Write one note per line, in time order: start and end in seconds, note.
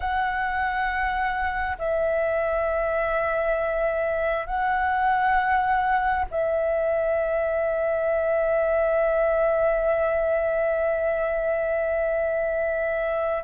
0.00 1.77 F#5
1.78 4.46 E5
4.46 6.25 F#5
6.30 13.43 E5